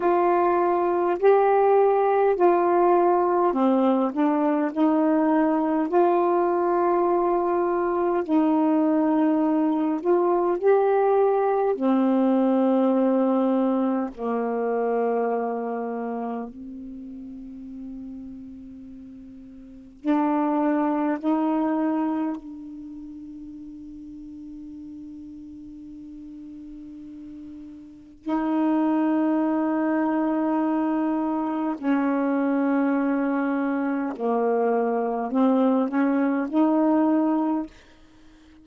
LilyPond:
\new Staff \with { instrumentName = "saxophone" } { \time 4/4 \tempo 4 = 51 f'4 g'4 f'4 c'8 d'8 | dis'4 f'2 dis'4~ | dis'8 f'8 g'4 c'2 | ais2 c'2~ |
c'4 d'4 dis'4 d'4~ | d'1 | dis'2. cis'4~ | cis'4 ais4 c'8 cis'8 dis'4 | }